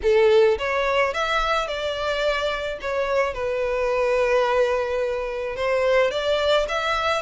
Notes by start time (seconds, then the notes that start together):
0.02 A4
0.58 C#5
1.13 E5
1.67 D5
2.81 C#5
3.34 B4
5.56 C5
6.11 D5
6.68 E5